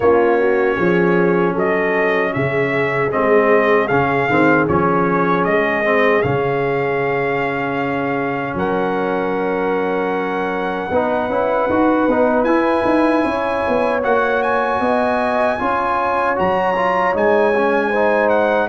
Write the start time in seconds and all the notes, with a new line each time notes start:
0.00 A#3 C#4 F4 C#5
0.38 F#4
0.75 F3 G#4
1.53 F#3 A4 D#5
2.33 C#3 G#4 E5
3.11 G#3 C4 D#5
3.87 C#3 C#4 F5
4.29 D#3 C4
4.67 F3 C#4 C#5
5.44 G#3 D#5
5.83 C4
6.22 C#3 C#4 F5
8.54 F#3 A#4 F#5
10.90 B3 D#4 B4
11.28 C#4 E4
11.69 D#4 F#4
12.07 B3 D#4
12.44 E4 G#5
12.84 D#4
13.24 C#4 C#5
13.68 B3
14.02 A#3 F#4 F#5
14.42 G#5
14.80 B3 D#5
15.58 C#4 F4 C#5
16.35 F#3 F#4 A#5
16.75 F4
17.13 G#3 D#4 G#5
17.56 C#4
17.89 D#4 C5
18.29 F#5